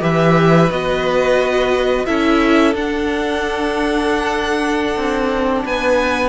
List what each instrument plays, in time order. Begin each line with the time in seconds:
0.00 cello E3, viola G4, violin B4 E5
0.71 cello B3, viola F#4, violin D#5
2.06 cello C#4, viola E4, violin A4 E5
2.74 cello D4, viola D4, violin F#5
4.96 cello C4
5.65 cello B3, violin B4 G#5